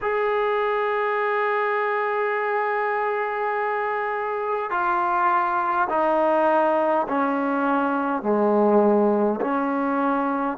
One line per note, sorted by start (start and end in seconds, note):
0.01 4.70 G#4
4.70 5.88 F4
5.89 7.06 D#4
7.07 8.22 C#4
8.22 9.40 G#3
9.41 10.57 C#4